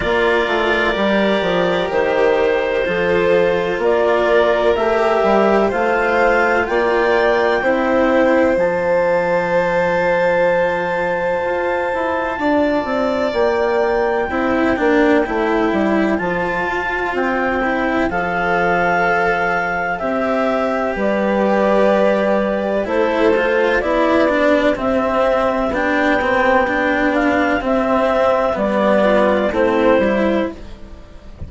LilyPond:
<<
  \new Staff \with { instrumentName = "clarinet" } { \time 4/4 \tempo 4 = 63 d''2 c''2 | d''4 e''4 f''4 g''4~ | g''4 a''2.~ | a''2 g''2~ |
g''4 a''4 g''4 f''4~ | f''4 e''4 d''2 | c''4 d''4 e''4 g''4~ | g''8 f''8 e''4 d''4 c''4 | }
  \new Staff \with { instrumentName = "violin" } { \time 4/4 ais'2. a'4 | ais'2 c''4 d''4 | c''1~ | c''4 d''2 c''4~ |
c''1~ | c''2 b'2 | a'4 g'2.~ | g'2~ g'8 f'8 e'4 | }
  \new Staff \with { instrumentName = "cello" } { \time 4/4 f'4 g'2 f'4~ | f'4 g'4 f'2 | e'4 f'2.~ | f'2. e'8 d'8 |
e'4 f'4. e'8 a'4~ | a'4 g'2. | e'8 f'8 e'8 d'8 c'4 d'8 c'8 | d'4 c'4 b4 c'8 e'8 | }
  \new Staff \with { instrumentName = "bassoon" } { \time 4/4 ais8 a8 g8 f8 dis4 f4 | ais4 a8 g8 a4 ais4 | c'4 f2. | f'8 e'8 d'8 c'8 ais4 c'8 ais8 |
a8 g8 f8 f'8 c'4 f4~ | f4 c'4 g2 | a4 b4 c'4 b4~ | b4 c'4 g4 a8 g8 | }
>>